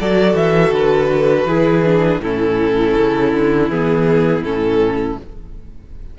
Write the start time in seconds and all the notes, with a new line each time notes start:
0.00 F#3 F#4 A4 D5
0.35 E3 E5
0.72 D3 B4
1.45 E3 E4 G#4
1.86 D4
2.20 A2 C#4 E4 A4
2.96 C#3
3.33 D3
3.69 E3 B3 G#4
4.43 A2 C#4 A4